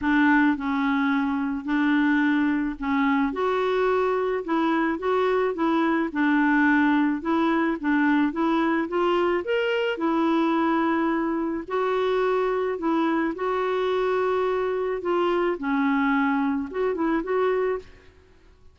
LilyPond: \new Staff \with { instrumentName = "clarinet" } { \time 4/4 \tempo 4 = 108 d'4 cis'2 d'4~ | d'4 cis'4 fis'2 | e'4 fis'4 e'4 d'4~ | d'4 e'4 d'4 e'4 |
f'4 ais'4 e'2~ | e'4 fis'2 e'4 | fis'2. f'4 | cis'2 fis'8 e'8 fis'4 | }